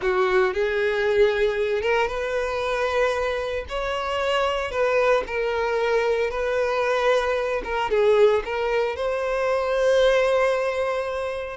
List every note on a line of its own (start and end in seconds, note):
0.01 0.53 F#4
0.53 1.81 G#4
1.81 2.07 A#4
2.07 3.65 B4
3.68 4.71 C#5
4.71 5.23 B4
5.26 6.30 A#4
6.30 7.61 B4
7.63 7.90 A#4
7.90 8.43 G#4
8.44 8.96 A#4
8.96 11.56 C5